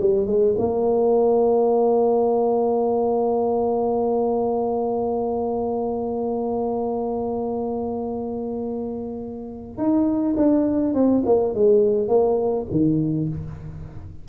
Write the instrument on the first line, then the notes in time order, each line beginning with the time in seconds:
tuba
0.00 G3
0.26 G#3
0.58 A#3
9.77 D#4
10.36 D4
10.94 C4
11.26 A#3
11.54 G#3
12.08 A#3
12.71 D#3